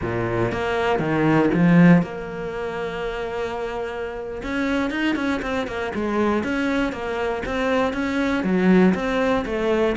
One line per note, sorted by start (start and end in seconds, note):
0.01 0.52 A#2
0.52 0.99 A#3
0.99 1.49 D#3
1.54 2.02 F3
2.02 4.41 A#3
4.42 4.90 C#4
4.90 5.15 D#4
5.15 5.40 C#4
5.42 5.67 C4
5.67 5.92 A#3
5.94 6.43 G#3
6.43 6.92 C#4
6.92 7.42 A#3
7.45 7.93 C4
7.93 8.43 C#4
8.43 8.94 F#3
8.94 9.44 C4
9.45 9.96 A3